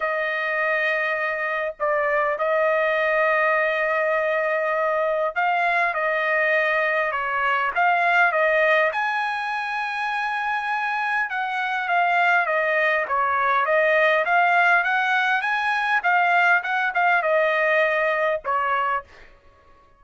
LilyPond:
\new Staff \with { instrumentName = "trumpet" } { \time 4/4 \tempo 4 = 101 dis''2. d''4 | dis''1~ | dis''4 f''4 dis''2 | cis''4 f''4 dis''4 gis''4~ |
gis''2. fis''4 | f''4 dis''4 cis''4 dis''4 | f''4 fis''4 gis''4 f''4 | fis''8 f''8 dis''2 cis''4 | }